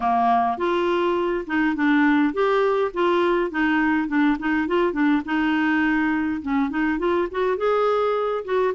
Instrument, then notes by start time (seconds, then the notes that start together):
clarinet
0.00 A#3
0.57 F4
1.46 D#4
1.75 D4
2.33 G4
2.93 F4
3.51 D#4
4.08 D4
4.39 D#4
4.67 F4
4.92 D4
5.25 D#4
6.42 C#4
6.69 D#4
6.98 F4
7.31 F#4
7.57 G#4
8.45 F#4